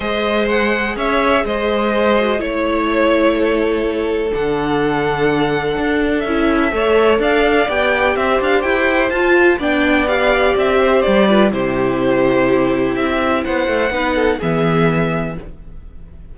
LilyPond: <<
  \new Staff \with { instrumentName = "violin" } { \time 4/4 \tempo 4 = 125 dis''4 fis''4 e''4 dis''4~ | dis''4 cis''2.~ | cis''4 fis''2.~ | fis''4 e''2 f''4 |
g''4 e''8 f''8 g''4 a''4 | g''4 f''4 e''4 d''4 | c''2. e''4 | fis''2 e''2 | }
  \new Staff \with { instrumentName = "violin" } { \time 4/4 c''2 cis''4 c''4~ | c''4 cis''2 a'4~ | a'1~ | a'2 cis''4 d''4~ |
d''4 c''2. | d''2~ d''8 c''4 b'8 | g'1 | c''4 b'8 a'8 gis'2 | }
  \new Staff \with { instrumentName = "viola" } { \time 4/4 gis'1~ | gis'8 fis'8 e'2.~ | e'4 d'2.~ | d'4 e'4 a'2 |
g'2. f'4 | d'4 g'2~ g'8 f'8 | e'1~ | e'4 dis'4 b2 | }
  \new Staff \with { instrumentName = "cello" } { \time 4/4 gis2 cis'4 gis4~ | gis4 a2.~ | a4 d2. | d'4 cis'4 a4 d'4 |
b4 c'8 d'8 e'4 f'4 | b2 c'4 g4 | c2. c'4 | b8 a8 b4 e2 | }
>>